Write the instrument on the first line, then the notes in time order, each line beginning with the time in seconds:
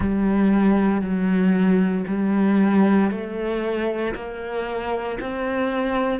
cello
0.00 G3
1.01 F#3
2.07 G3
3.10 A3
4.14 A#3
5.20 C4